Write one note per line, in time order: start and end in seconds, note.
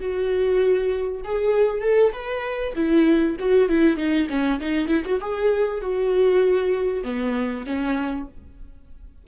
0.00 1.22 F#4
1.24 1.82 G#4
1.82 2.12 A4
2.13 2.74 B4
2.76 3.37 E4
3.39 3.69 F#4
3.69 3.97 E4
3.97 4.27 D#4
4.29 4.60 C#4
4.61 4.88 D#4
4.88 5.03 E4
5.05 5.20 F#4
5.21 5.82 G#4
5.82 7.04 F#4
7.04 7.65 B3
7.66 8.28 C#4